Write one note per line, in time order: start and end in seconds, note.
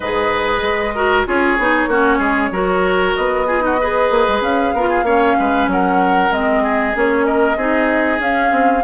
0.00 0.61 G#2
0.00 0.95 G#4
0.00 0.94 B4
0.00 1.24 D#5
0.62 1.25 G#3
0.94 1.26 F#4
0.94 1.26 A#4
1.26 1.58 C#4
1.26 1.57 F4
1.26 1.89 G#4
1.26 3.15 C#5
1.58 1.87 B3
1.58 1.90 D#4
1.87 2.19 A#3
1.87 2.52 C#4
1.87 2.18 F#4
2.18 2.51 G#3
2.18 2.49 G#4
2.51 3.14 F#3
2.51 3.47 F#4
2.51 3.47 A#4
3.15 4.10 B3
3.15 4.42 D#5
3.47 3.60 F4
3.47 3.62 G#4
3.60 3.76 D#4
3.60 3.80 F#4
3.80 4.76 G#4
3.80 4.74 B4
4.10 4.26 A#3
4.27 4.41 G#3
4.41 4.72 C#4
4.41 5.69 F5
4.73 5.02 B3
4.73 5.05 F4
4.73 4.88 A#4
4.88 5.04 G#4
5.02 5.34 A#3
5.02 6.31 C#4
5.02 5.37 C#5
5.38 5.67 G#3
5.38 5.70 B4
5.67 6.30 F#3
5.67 6.62 A#4
5.67 6.32 F#5
6.30 6.93 G#3
6.30 6.94 C4
6.30 6.95 D#5
6.62 7.25 G#4
6.94 7.56 A#3
6.94 7.57 C#4
6.94 7.25 C#5
7.25 7.57 A#4
7.25 8.20 D#5
7.56 8.19 C4
7.56 8.20 D#4
7.56 8.83 G#4
8.19 8.51 C#4
8.19 8.83 C#4
8.19 8.84 F5
8.51 8.82 C4